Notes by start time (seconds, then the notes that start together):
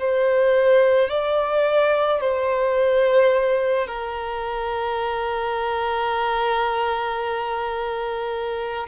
0.00 C5
1.10 D5
2.21 C5
3.88 A#4